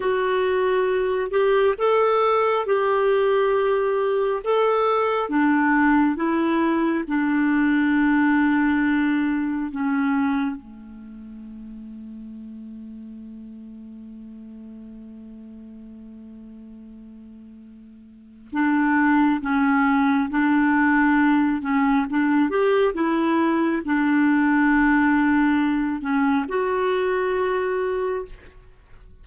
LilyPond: \new Staff \with { instrumentName = "clarinet" } { \time 4/4 \tempo 4 = 68 fis'4. g'8 a'4 g'4~ | g'4 a'4 d'4 e'4 | d'2. cis'4 | a1~ |
a1~ | a4 d'4 cis'4 d'4~ | d'8 cis'8 d'8 g'8 e'4 d'4~ | d'4. cis'8 fis'2 | }